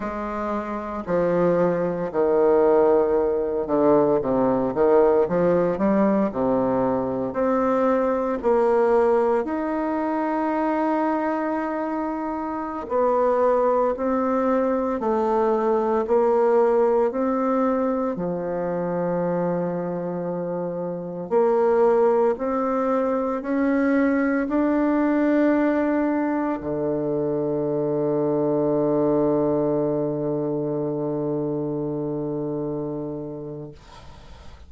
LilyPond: \new Staff \with { instrumentName = "bassoon" } { \time 4/4 \tempo 4 = 57 gis4 f4 dis4. d8 | c8 dis8 f8 g8 c4 c'4 | ais4 dis'2.~ | dis'16 b4 c'4 a4 ais8.~ |
ais16 c'4 f2~ f8.~ | f16 ais4 c'4 cis'4 d'8.~ | d'4~ d'16 d2~ d8.~ | d1 | }